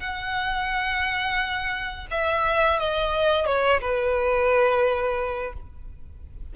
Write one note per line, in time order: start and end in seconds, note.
0.00 2.07 F#5
2.11 2.79 E5
2.79 3.46 D#5
3.46 3.81 C#5
3.81 5.53 B4